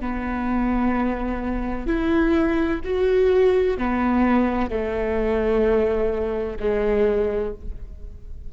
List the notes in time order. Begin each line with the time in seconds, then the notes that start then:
0.00 B3
1.86 E4
2.84 F#4
3.77 B3
4.70 A3
6.59 G#3